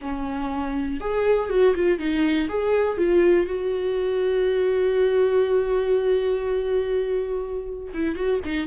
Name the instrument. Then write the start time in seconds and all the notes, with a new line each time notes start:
viola
0.01 C#4
1.00 G#4
1.49 F#4
1.75 F4
1.98 D#4
2.48 G#4
2.97 F4
3.46 F#4
7.93 E4
8.15 F#4
8.44 D#4